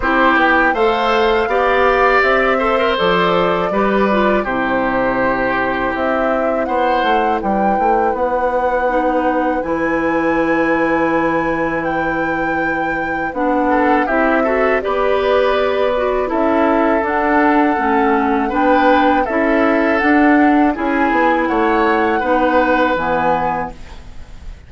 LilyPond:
<<
  \new Staff \with { instrumentName = "flute" } { \time 4/4 \tempo 4 = 81 c''8 g''8 f''2 e''4 | d''2 c''2 | e''4 fis''4 g''4 fis''4~ | fis''4 gis''2. |
g''2 fis''4 e''4 | d''2 e''4 fis''4~ | fis''4 g''4 e''4 fis''4 | gis''4 fis''2 gis''4 | }
  \new Staff \with { instrumentName = "oboe" } { \time 4/4 g'4 c''4 d''4. c''8~ | c''4 b'4 g'2~ | g'4 c''4 b'2~ | b'1~ |
b'2~ b'8 a'8 g'8 a'8 | b'2 a'2~ | a'4 b'4 a'2 | gis'4 cis''4 b'2 | }
  \new Staff \with { instrumentName = "clarinet" } { \time 4/4 e'4 a'4 g'4. a'16 ais'16 | a'4 g'8 f'8 e'2~ | e'1 | dis'4 e'2.~ |
e'2 d'4 e'8 fis'8 | g'4. fis'8 e'4 d'4 | cis'4 d'4 e'4 d'4 | e'2 dis'4 b4 | }
  \new Staff \with { instrumentName = "bassoon" } { \time 4/4 c'8 b8 a4 b4 c'4 | f4 g4 c2 | c'4 b8 a8 g8 a8 b4~ | b4 e2.~ |
e2 b4 c'4 | b2 cis'4 d'4 | a4 b4 cis'4 d'4 | cis'8 b8 a4 b4 e4 | }
>>